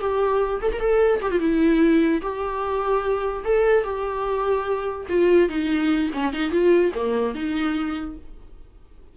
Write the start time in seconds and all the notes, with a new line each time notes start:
0.00 G4
0.62 A4
0.73 A#4
0.80 A4
1.22 G4
1.31 F4
1.40 E4
2.22 G4
3.45 A4
3.84 G4
5.09 F4
5.49 D#4
6.14 C#4
6.33 D#4
6.51 F4
6.95 A#3
7.35 D#4